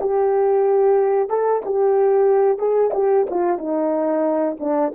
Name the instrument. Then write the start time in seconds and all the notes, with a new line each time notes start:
horn
0.00 G4
1.29 A4
1.65 G4
2.58 G#4
2.93 G4
3.30 F4
3.58 D#4
4.59 D4